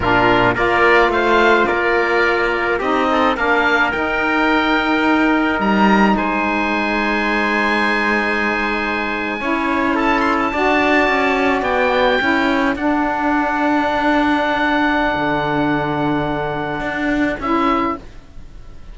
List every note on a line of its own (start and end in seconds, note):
0.00 0.55 A#2
0.00 0.55 D4
0.00 0.54 F4
0.00 0.55 A#4
0.54 1.08 A#3
0.54 2.79 F4
0.54 1.11 A#4
0.54 1.11 D5
1.08 1.64 A3
1.08 1.67 C5
1.08 1.66 F5
1.66 2.80 A#3
1.66 2.79 A#4
1.66 2.78 D5
2.79 3.36 C4
2.79 3.36 D#4
2.79 3.07 G4
2.79 3.36 D#5
3.11 3.36 A4
3.36 3.93 A#3
3.36 3.92 D4
3.36 6.16 A#4
3.36 3.91 F5
3.91 9.39 D#4
3.91 5.59 D#4
3.91 5.59 G5
5.59 6.15 G3
5.59 6.16 A#5
6.17 9.40 G#3
6.17 9.39 C5
6.17 9.95 G#5
9.39 10.53 C#4
9.39 10.52 E4
9.39 9.95 C#5
9.95 10.51 A4
9.95 10.20 A5
10.20 10.34 C6
10.39 11.63 A5
10.52 11.07 D4
10.52 12.20 F#4
10.52 12.20 D5
11.07 11.62 C#4
11.62 12.18 B3
11.62 12.75 G5
12.20 12.75 C#4
12.20 12.76 E4
12.20 17.95 A4
12.75 15.14 D4
12.75 17.38 D4
12.75 17.38 F#5
15.15 16.80 D3
16.80 17.36 D4
17.39 17.95 C#4
17.39 17.98 E4
17.39 17.97 E5